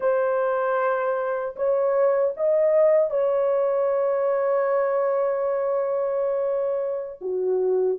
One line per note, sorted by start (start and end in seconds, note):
0.00 1.55 C5
1.56 2.34 C#5
2.36 3.10 D#5
3.10 7.19 C#5
7.21 7.98 F#4